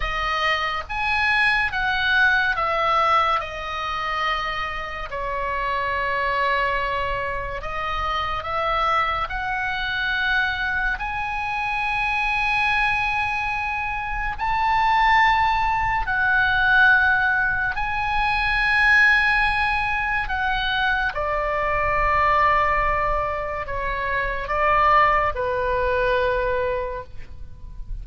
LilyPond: \new Staff \with { instrumentName = "oboe" } { \time 4/4 \tempo 4 = 71 dis''4 gis''4 fis''4 e''4 | dis''2 cis''2~ | cis''4 dis''4 e''4 fis''4~ | fis''4 gis''2.~ |
gis''4 a''2 fis''4~ | fis''4 gis''2. | fis''4 d''2. | cis''4 d''4 b'2 | }